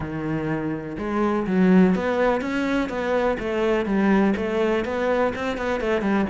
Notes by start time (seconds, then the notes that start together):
0.00 D#3
0.98 G#3
1.46 F#3
1.95 B3
2.41 C#4
2.89 B3
3.39 A3
3.85 G3
4.36 A3
4.84 B3
5.35 C4
5.57 B3
5.80 A3
6.01 G3